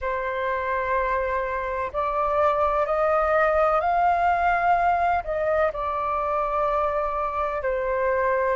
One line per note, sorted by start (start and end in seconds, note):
0.01 1.91 C5
1.92 2.86 D5
2.86 3.80 D#5
3.80 5.23 F5
5.23 5.71 D#5
5.72 7.62 D5
7.62 8.56 C5